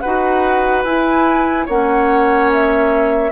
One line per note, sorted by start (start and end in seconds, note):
0.00 0.84 D#4
0.00 0.85 F#4
0.00 1.66 B4
0.00 0.82 F#5
0.84 1.66 E4
0.84 1.68 E4
0.84 1.66 G#5
1.66 3.31 A#3
1.66 3.31 C#4
1.66 3.30 C#5
1.66 2.51 F#5
2.52 3.31 E5